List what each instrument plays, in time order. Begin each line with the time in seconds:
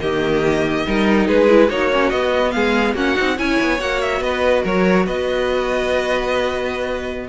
0.00 cello D#3, viola A#3, violin G4 D#5
0.86 cello G3, viola D#4, violin A#4
1.27 cello G#3, violin G#4 B4
1.48 viola E4
1.67 cello A#3, viola D#4, violin F#4 C#5
1.92 viola C#4
2.09 cello B3, viola B3, violin D#5
2.51 cello G#3, violin G#4 F5
2.94 cello A#3, viola C#4, violin F#4 F#5
3.15 cello C4, viola D#4
3.37 cello C#4, viola E4, violin C#5 G#5
3.61 cello B3
3.79 cello A#3, viola F#4, violin F#5
4.01 violin E5
4.21 cello B3, violin B4 D#5
4.62 cello F#3, violin A#4 C#5
5.05 cello B3, violin B4 D#5